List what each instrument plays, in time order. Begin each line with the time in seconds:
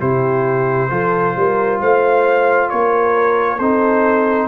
0.00 tuba C3, trombone E4, horn G4, trumpet C5
0.90 tuba F3, trombone F4, horn A4
1.36 tuba G3, horn A#4
1.80 tuba A3, horn C5, trumpet F5
2.70 tuba A#3, horn A#4, trumpet C#5
3.58 tuba C4, trombone D#4, horn A4, trumpet C5